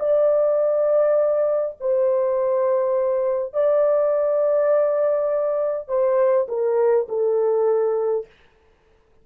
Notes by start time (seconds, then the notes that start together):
0.00 D5
1.81 C5
3.54 D5
5.89 C5
6.49 A#4
7.09 A4